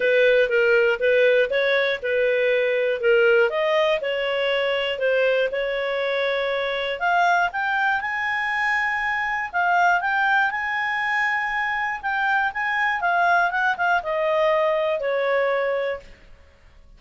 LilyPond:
\new Staff \with { instrumentName = "clarinet" } { \time 4/4 \tempo 4 = 120 b'4 ais'4 b'4 cis''4 | b'2 ais'4 dis''4 | cis''2 c''4 cis''4~ | cis''2 f''4 g''4 |
gis''2. f''4 | g''4 gis''2. | g''4 gis''4 f''4 fis''8 f''8 | dis''2 cis''2 | }